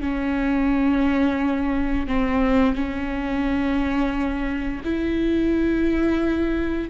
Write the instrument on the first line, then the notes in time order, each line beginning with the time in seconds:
viola
0.00 C#4
2.07 C4
2.75 C#4
4.84 E4